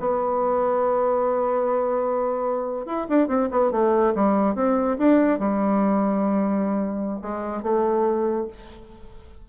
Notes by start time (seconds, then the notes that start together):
0.00 B3
2.86 E4
3.09 D4
3.28 C4
3.51 B3
3.72 A3
4.15 G3
4.55 C4
4.98 D4
5.39 G3
7.22 G#3
7.62 A3